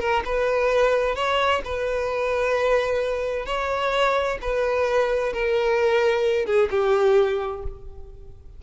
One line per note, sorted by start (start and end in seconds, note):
0.00 0.23 A#4
0.25 1.16 B4
1.16 1.62 C#5
1.65 3.46 B4
3.46 4.38 C#5
4.42 5.33 B4
5.33 6.46 A#4
6.46 6.69 G#4
6.71 7.63 G4